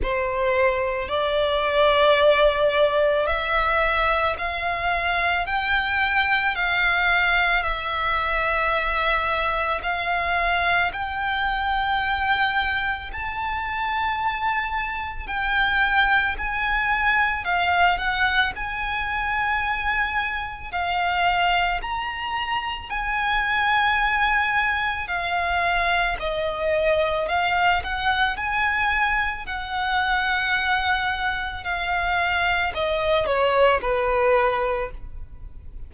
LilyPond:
\new Staff \with { instrumentName = "violin" } { \time 4/4 \tempo 4 = 55 c''4 d''2 e''4 | f''4 g''4 f''4 e''4~ | e''4 f''4 g''2 | a''2 g''4 gis''4 |
f''8 fis''8 gis''2 f''4 | ais''4 gis''2 f''4 | dis''4 f''8 fis''8 gis''4 fis''4~ | fis''4 f''4 dis''8 cis''8 b'4 | }